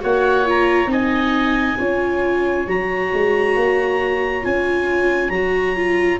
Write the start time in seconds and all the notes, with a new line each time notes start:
0.00 A#3 F#4 C#5 F#5
0.46 F4 A#5
0.86 C4 D#4 D#5 G#5
1.78 C#4 F4 C#5
2.67 F#3 F#4 A#5
3.13 G#3
3.56 A#3
4.42 C#4 F4 G#5
5.29 F#3 F#4 A#5
5.76 F4